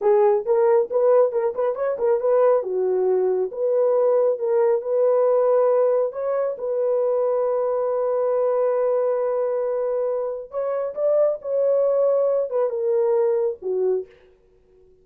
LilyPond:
\new Staff \with { instrumentName = "horn" } { \time 4/4 \tempo 4 = 137 gis'4 ais'4 b'4 ais'8 b'8 | cis''8 ais'8 b'4 fis'2 | b'2 ais'4 b'4~ | b'2 cis''4 b'4~ |
b'1~ | b'1 | cis''4 d''4 cis''2~ | cis''8 b'8 ais'2 fis'4 | }